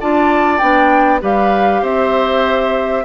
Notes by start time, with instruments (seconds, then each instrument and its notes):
0.00 bassoon D4, clarinet F4, oboe D5, flute A5
0.58 bassoon B3, clarinet D4, flute G5
1.21 bassoon G3, clarinet G4, oboe B4, flute F5
1.82 bassoon C4, oboe C5, flute E5